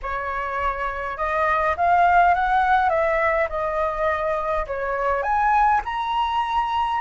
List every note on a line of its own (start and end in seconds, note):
0.02 1.17 C#5
1.17 1.75 D#5
1.77 2.34 F5
2.34 2.89 F#5
2.89 3.47 E5
3.49 4.65 D#5
4.67 5.22 C#5
5.22 5.81 G#5
5.85 7.00 A#5